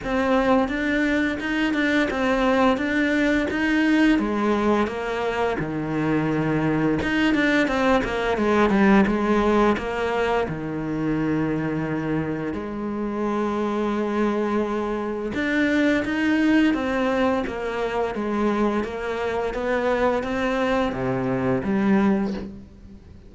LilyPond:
\new Staff \with { instrumentName = "cello" } { \time 4/4 \tempo 4 = 86 c'4 d'4 dis'8 d'8 c'4 | d'4 dis'4 gis4 ais4 | dis2 dis'8 d'8 c'8 ais8 | gis8 g8 gis4 ais4 dis4~ |
dis2 gis2~ | gis2 d'4 dis'4 | c'4 ais4 gis4 ais4 | b4 c'4 c4 g4 | }